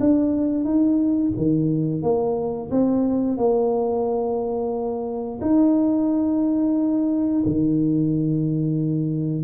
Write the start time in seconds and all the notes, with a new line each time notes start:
0.00 D4
0.64 D#4
1.37 D#3
2.03 A#3
2.71 C4
3.37 A#3
5.41 D#4
7.46 D#3